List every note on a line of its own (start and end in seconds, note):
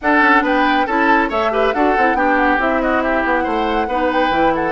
0.01 0.21 D4
0.01 0.88 D4
0.01 0.43 A4
0.01 0.44 F#5
0.21 0.42 C#4
0.42 0.85 B3
0.42 0.86 B4
0.42 0.86 G5
0.86 1.30 C#4
0.86 1.30 E4
0.86 1.29 A4
0.86 1.30 A5
1.29 1.73 A3
1.29 1.51 A4
1.29 1.50 C#5
1.29 1.73 E5
1.51 1.73 G4
1.51 1.74 B4
1.73 1.95 D4
1.73 1.96 F#4
1.73 2.17 A4
1.73 2.16 F#5
1.97 2.13 C4
1.97 2.15 E4
2.13 2.57 B3
2.13 2.58 D4
2.13 2.82 G4
2.13 2.37 G5
2.38 2.59 F#5
2.58 3.23 C4
2.58 3.88 E4
2.58 2.81 E5
2.81 3.03 F#4
2.81 3.02 D#5
3.02 3.43 G4
3.02 3.23 E5
3.24 3.46 B3
3.24 4.11 F#5
3.43 3.87 A3
3.43 3.86 C5
3.87 4.29 B3
3.87 4.31 D#4
3.87 4.53 B4
4.11 4.54 G5
4.29 4.72 E3
4.29 4.72 E4
4.54 4.72 A4
4.54 4.72 F#5